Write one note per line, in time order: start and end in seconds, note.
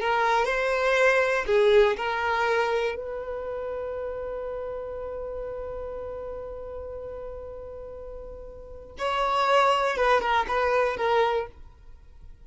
0.00 0.45 A#4
0.45 1.45 C5
1.46 1.96 G#4
1.97 2.96 A#4
2.96 8.96 B4
8.98 9.97 C#5
9.97 10.21 B4
10.21 10.46 A#4
10.48 10.97 B4
10.97 11.47 A#4